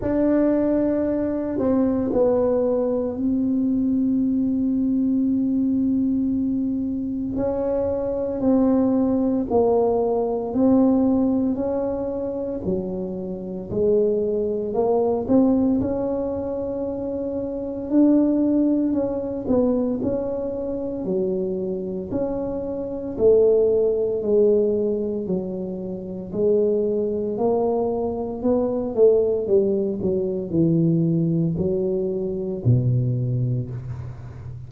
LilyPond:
\new Staff \with { instrumentName = "tuba" } { \time 4/4 \tempo 4 = 57 d'4. c'8 b4 c'4~ | c'2. cis'4 | c'4 ais4 c'4 cis'4 | fis4 gis4 ais8 c'8 cis'4~ |
cis'4 d'4 cis'8 b8 cis'4 | fis4 cis'4 a4 gis4 | fis4 gis4 ais4 b8 a8 | g8 fis8 e4 fis4 b,4 | }